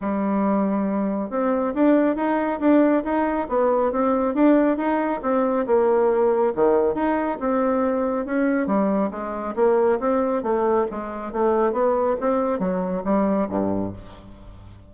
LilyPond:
\new Staff \with { instrumentName = "bassoon" } { \time 4/4 \tempo 4 = 138 g2. c'4 | d'4 dis'4 d'4 dis'4 | b4 c'4 d'4 dis'4 | c'4 ais2 dis4 |
dis'4 c'2 cis'4 | g4 gis4 ais4 c'4 | a4 gis4 a4 b4 | c'4 fis4 g4 g,4 | }